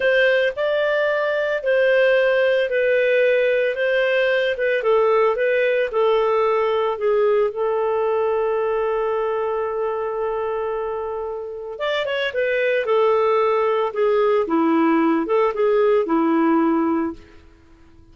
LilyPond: \new Staff \with { instrumentName = "clarinet" } { \time 4/4 \tempo 4 = 112 c''4 d''2 c''4~ | c''4 b'2 c''4~ | c''8 b'8 a'4 b'4 a'4~ | a'4 gis'4 a'2~ |
a'1~ | a'2 d''8 cis''8 b'4 | a'2 gis'4 e'4~ | e'8 a'8 gis'4 e'2 | }